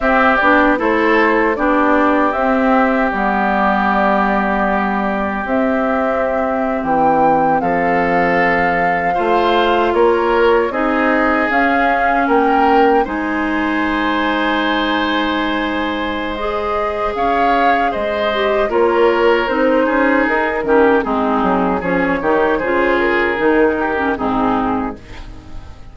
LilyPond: <<
  \new Staff \with { instrumentName = "flute" } { \time 4/4 \tempo 4 = 77 e''8 d''8 c''4 d''4 e''4 | d''2. e''4~ | e''8. g''4 f''2~ f''16~ | f''8. cis''4 dis''4 f''4 g''16~ |
g''8. gis''2.~ gis''16~ | gis''4 dis''4 f''4 dis''4 | cis''4 c''4 ais'4 gis'4 | cis''4 c''8 ais'4. gis'4 | }
  \new Staff \with { instrumentName = "oboe" } { \time 4/4 g'4 a'4 g'2~ | g'1~ | g'4.~ g'16 a'2 c''16~ | c''8. ais'4 gis'2 ais'16~ |
ais'8. c''2.~ c''16~ | c''2 cis''4 c''4 | ais'4. gis'4 g'8 dis'4 | gis'8 g'8 gis'4. g'8 dis'4 | }
  \new Staff \with { instrumentName = "clarinet" } { \time 4/4 c'8 d'8 e'4 d'4 c'4 | b2. c'4~ | c'2.~ c'8. f'16~ | f'4.~ f'16 dis'4 cis'4~ cis'16~ |
cis'8. dis'2.~ dis'16~ | dis'4 gis'2~ gis'8 g'8 | f'4 dis'4. cis'8 c'4 | cis'8 dis'8 f'4 dis'8. cis'16 c'4 | }
  \new Staff \with { instrumentName = "bassoon" } { \time 4/4 c'8 b8 a4 b4 c'4 | g2. c'4~ | c'8. e4 f2 a16~ | a8. ais4 c'4 cis'4 ais16~ |
ais8. gis2.~ gis16~ | gis2 cis'4 gis4 | ais4 c'8 cis'8 dis'8 dis8 gis8 fis8 | f8 dis8 cis4 dis4 gis,4 | }
>>